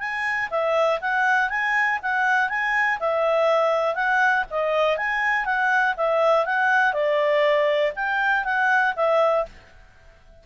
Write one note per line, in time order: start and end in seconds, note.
0.00 0.50 G#5
0.51 1.00 E5
1.01 1.50 F#5
1.50 1.99 G#5
2.03 2.49 F#5
2.49 2.99 G#5
3.00 3.95 E5
3.95 4.44 F#5
4.51 4.97 D#5
4.97 5.46 G#5
5.46 5.95 F#5
5.97 6.46 E5
6.46 6.94 F#5
6.94 7.93 D5
7.96 8.45 G5
8.45 8.94 F#5
8.96 9.46 E5